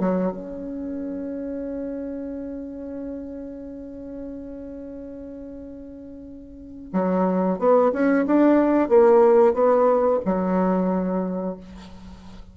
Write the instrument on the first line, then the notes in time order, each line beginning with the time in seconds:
bassoon
0.00 F#3
0.32 C#4
6.93 F#3
7.59 B3
7.93 C#4
8.27 D4
8.89 A#3
9.54 B3
10.26 F#3